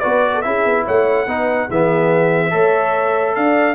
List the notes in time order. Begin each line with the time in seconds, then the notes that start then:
0.00 B3 F#4 B4 D5
0.34 A4
0.41 C#4 E4 G#4 E5
0.65 B3
0.84 A3 C#5 F#5
1.26 B3 D#4 B4
1.68 E3 B3 G#4 E5
2.50 A3 A4 C#5
3.35 D4 D5 F5